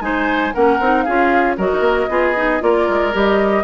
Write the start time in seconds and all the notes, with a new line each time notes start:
0.00 G#3 D#4 C5 G#5
0.53 A#3 C#4 A#4 F#5
0.80 C4 D#4
1.02 C#4 F4 G#4 F5
1.57 F#3 F#4 A#4 D#5
1.73 D#4
1.80 A#3
2.09 B3 F4 G#4
2.36 D#4
2.60 A#3 F4 A#4 D5
2.89 G#3
3.13 G3 G4 D#5